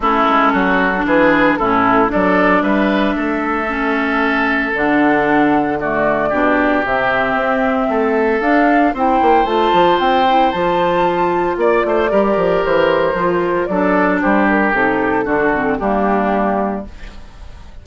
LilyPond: <<
  \new Staff \with { instrumentName = "flute" } { \time 4/4 \tempo 4 = 114 a'2 b'4 a'4 | d''4 e''2.~ | e''4 fis''2 d''4~ | d''4 e''2. |
f''4 g''4 a''4 g''4 | a''2 d''2 | c''2 d''4 c''8 ais'8 | a'2 g'2 | }
  \new Staff \with { instrumentName = "oboe" } { \time 4/4 e'4 fis'4 gis'4 e'4 | a'4 b'4 a'2~ | a'2. fis'4 | g'2. a'4~ |
a'4 c''2.~ | c''2 d''8 c''8 ais'4~ | ais'2 a'4 g'4~ | g'4 fis'4 d'2 | }
  \new Staff \with { instrumentName = "clarinet" } { \time 4/4 cis'4.~ cis'16 d'4~ d'16 cis'4 | d'2. cis'4~ | cis'4 d'2 a4 | d'4 c'2. |
d'4 e'4 f'4. e'8 | f'2. g'4~ | g'4 f'4 d'2 | dis'4 d'8 c'8 ais2 | }
  \new Staff \with { instrumentName = "bassoon" } { \time 4/4 a8 gis8 fis4 e4 a,4 | fis4 g4 a2~ | a4 d2. | b,4 c4 c'4 a4 |
d'4 c'8 ais8 a8 f8 c'4 | f2 ais8 a8 g8 f8 | e4 f4 fis4 g4 | c4 d4 g2 | }
>>